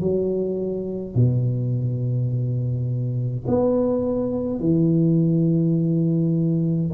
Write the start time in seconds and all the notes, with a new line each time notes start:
0.00 F#3
1.15 B2
3.47 B3
4.59 E3